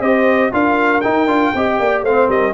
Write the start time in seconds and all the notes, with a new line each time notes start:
0.00 C4 G4 C5 D#5
0.51 D4 F4 A#4 F5
1.01 D#4 G5
1.26 D4 F4
1.54 C4 G4 D#5
1.79 A#3 D5
2.02 A3 C4 C5 F5
2.28 G3 A#4 D#5